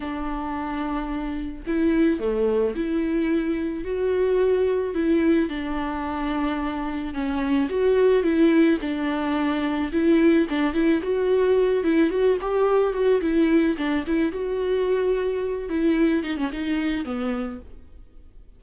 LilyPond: \new Staff \with { instrumentName = "viola" } { \time 4/4 \tempo 4 = 109 d'2. e'4 | a4 e'2 fis'4~ | fis'4 e'4 d'2~ | d'4 cis'4 fis'4 e'4 |
d'2 e'4 d'8 e'8 | fis'4. e'8 fis'8 g'4 fis'8 | e'4 d'8 e'8 fis'2~ | fis'8 e'4 dis'16 cis'16 dis'4 b4 | }